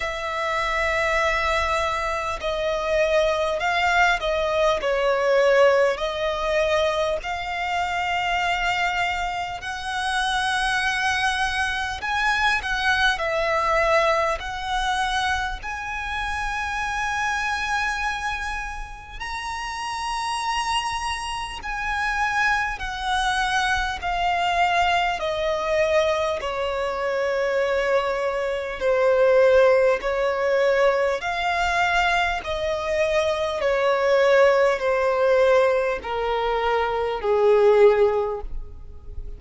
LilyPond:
\new Staff \with { instrumentName = "violin" } { \time 4/4 \tempo 4 = 50 e''2 dis''4 f''8 dis''8 | cis''4 dis''4 f''2 | fis''2 gis''8 fis''8 e''4 | fis''4 gis''2. |
ais''2 gis''4 fis''4 | f''4 dis''4 cis''2 | c''4 cis''4 f''4 dis''4 | cis''4 c''4 ais'4 gis'4 | }